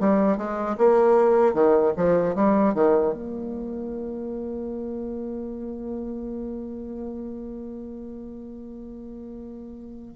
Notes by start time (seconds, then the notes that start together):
0.00 G3
0.38 G#3
0.78 A#3
1.54 D#3
1.97 F3
2.35 G3
2.74 D#3
3.13 A#3